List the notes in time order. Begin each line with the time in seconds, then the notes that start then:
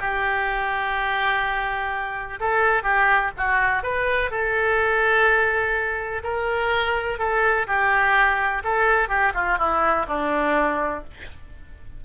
0.00 G4
2.40 A4
2.83 G4
3.37 F#4
3.84 B4
4.31 A4
6.24 A#4
7.19 A4
7.67 G4
8.64 A4
9.09 G4
9.34 F4
9.58 E4
10.08 D4